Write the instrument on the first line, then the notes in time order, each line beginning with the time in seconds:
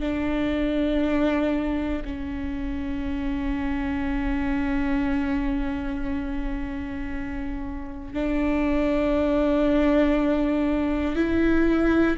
viola
0.00 D4
2.05 C#4
8.14 D4
11.16 E4